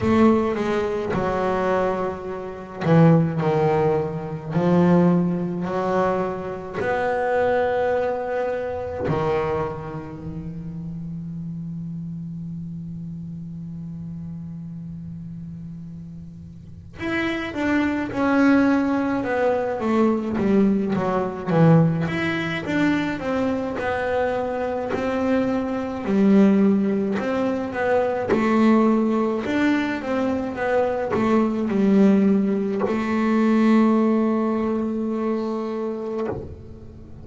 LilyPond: \new Staff \with { instrumentName = "double bass" } { \time 4/4 \tempo 4 = 53 a8 gis8 fis4. e8 dis4 | f4 fis4 b2 | dis4 e2.~ | e2. e'8 d'8 |
cis'4 b8 a8 g8 fis8 e8 e'8 | d'8 c'8 b4 c'4 g4 | c'8 b8 a4 d'8 c'8 b8 a8 | g4 a2. | }